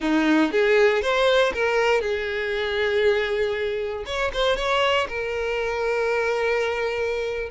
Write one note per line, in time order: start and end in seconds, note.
0.00 0.51 D#4
0.51 1.02 G#4
1.02 1.53 C5
1.53 2.01 A#4
2.01 4.04 G#4
4.05 4.31 C#5
4.33 4.56 C5
4.56 5.07 C#5
5.08 7.49 A#4